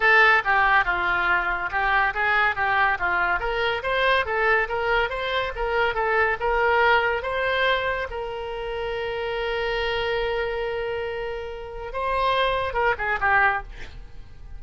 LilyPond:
\new Staff \with { instrumentName = "oboe" } { \time 4/4 \tempo 4 = 141 a'4 g'4 f'2 | g'4 gis'4 g'4 f'4 | ais'4 c''4 a'4 ais'4 | c''4 ais'4 a'4 ais'4~ |
ais'4 c''2 ais'4~ | ais'1~ | ais'1 | c''2 ais'8 gis'8 g'4 | }